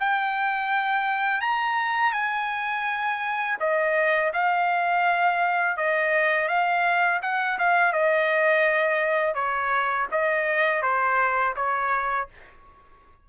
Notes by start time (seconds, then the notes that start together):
0.00 G5
1.41 A#5
2.13 G#5
3.60 D#5
4.33 F5
5.77 D#5
6.48 F5
7.23 F#5
7.59 F5
7.93 D#5
9.35 C#5
10.12 D#5
10.83 C5
11.56 C#5